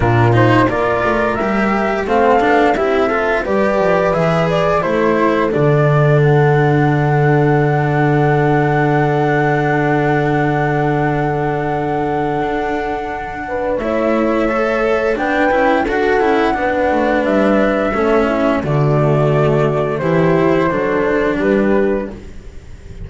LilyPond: <<
  \new Staff \with { instrumentName = "flute" } { \time 4/4 \tempo 4 = 87 ais'8 c''8 d''4 e''4 f''4 | e''4 d''4 e''8 d''8 c''4 | d''4 fis''2.~ | fis''1~ |
fis''1 | e''2 g''4 fis''4~ | fis''4 e''2 d''4~ | d''4 c''2 b'4 | }
  \new Staff \with { instrumentName = "horn" } { \time 4/4 f'4 ais'2 a'4 | g'8 a'8 b'2 a'4~ | a'1~ | a'1~ |
a'2.~ a'8 b'8 | cis''2 b'4 a'4 | b'2 a'8 e'8 fis'4~ | fis'4 g'4 a'4 g'4 | }
  \new Staff \with { instrumentName = "cello" } { \time 4/4 d'8 dis'8 f'4 g'4 c'8 d'8 | e'8 f'8 g'4 gis'4 e'4 | d'1~ | d'1~ |
d'1 | e'4 a'4 d'8 e'8 fis'8 e'8 | d'2 cis'4 a4~ | a4 e'4 d'2 | }
  \new Staff \with { instrumentName = "double bass" } { \time 4/4 ais,4 ais8 a8 g4 a8 b8 | c'4 g8 f8 e4 a4 | d1~ | d1~ |
d2 d'2 | a2 b8 cis'8 d'8 cis'8 | b8 a8 g4 a4 d4~ | d4 e4 fis4 g4 | }
>>